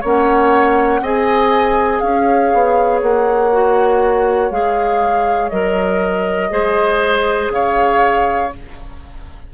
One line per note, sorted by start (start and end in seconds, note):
0.00 1.01 A#3
0.00 1.03 C#4
0.00 1.00 C#5
0.00 1.04 F#5
1.01 2.01 C4
1.01 3.52 G#4
1.01 2.02 D#5
1.01 2.00 G#5
2.00 2.51 C#4
2.00 6.52 C#5
2.00 3.00 F5
2.53 3.01 B3
3.01 4.50 A#3
3.01 4.51 F#5
3.52 4.51 F#4
4.50 5.50 G#3
4.50 5.51 G#4
4.50 5.49 F5
5.49 6.51 F#3
5.49 6.50 A#4
5.49 7.49 D#5
6.50 7.49 G#3
6.50 8.50 G#4
6.50 7.52 C5
7.49 8.49 C#3
7.49 8.54 C#5
7.49 8.52 F5